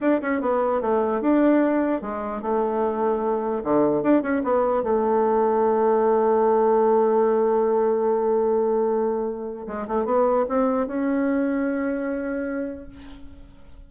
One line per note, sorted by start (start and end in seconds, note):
0.00 0.21 D4
0.21 0.41 C#4
0.41 0.81 B3
0.81 1.21 A3
1.21 2.01 D4
2.01 2.41 G#3
2.42 3.62 A3
3.63 4.03 D3
4.03 4.22 D4
4.22 4.42 C#4
4.44 4.83 B3
4.83 9.66 A3
9.66 9.87 G#3
9.87 10.05 A3
10.05 10.45 B3
10.48 10.87 C4
10.87 12.88 C#4